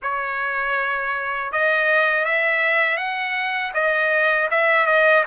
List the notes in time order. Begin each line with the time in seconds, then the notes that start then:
0.02 C#5
1.52 D#5
2.25 E5
2.97 F#5
3.74 D#5
4.50 E5
4.86 D#5